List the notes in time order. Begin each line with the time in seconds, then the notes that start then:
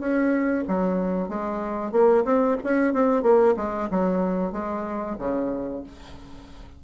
0.00 C#4
0.68 F#3
1.29 G#3
1.92 A#3
2.25 C4
2.65 C#4
2.94 C4
3.23 A#3
3.57 G#3
3.91 F#3
4.53 G#3
5.19 C#3